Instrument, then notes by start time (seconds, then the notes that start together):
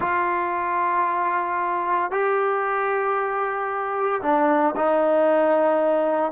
trombone
0.00 F4
2.11 G4
4.22 D4
4.76 D#4